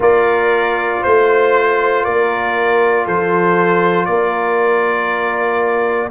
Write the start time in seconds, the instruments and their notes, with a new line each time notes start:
0.00 tuba A#3, trombone F4, horn A#4, trumpet D5
1.01 tuba A3, horn C5, trumpet C5
2.03 tuba A#3, horn A#4, trumpet D5
3.05 tuba F3, horn A4, trumpet C5
4.05 tuba A#3, horn A#4, trumpet D5